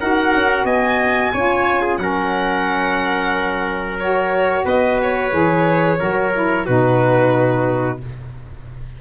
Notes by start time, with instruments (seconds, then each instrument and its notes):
0.00 tuba D#4, saxophone F#4, trumpet A#4, violin F#5
0.34 tuba C#4
0.64 tuba B3, trumpet D#5, violin G#5
1.33 tuba C#4, saxophone F4, trumpet C#5
1.82 trumpet G#4
1.97 tuba F#3, saxophone C#4, trumpet A#4, violin F#5
3.99 saxophone F#4, violin C#5
4.65 tuba B3, trumpet B4, violin D#5
5.02 violin C#5
5.31 tuba E3, saxophone G#4
5.99 tuba F#3, saxophone F#4, trumpet A#4
6.33 saxophone E4
6.66 tuba B2, saxophone D#4, trumpet F#4, violin B4